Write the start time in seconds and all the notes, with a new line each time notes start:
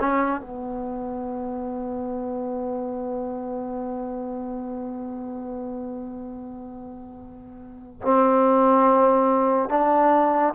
0.00 C#4
0.41 B3
8.02 C4
9.70 D4